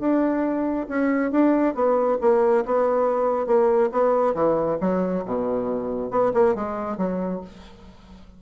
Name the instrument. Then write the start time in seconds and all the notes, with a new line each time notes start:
bassoon
0.00 D4
0.89 C#4
1.32 D4
1.75 B3
2.21 A#3
2.66 B3
3.47 A#3
3.92 B3
4.35 E3
4.81 F#3
5.26 B2
6.11 B3
6.34 A#3
6.55 G#3
6.98 F#3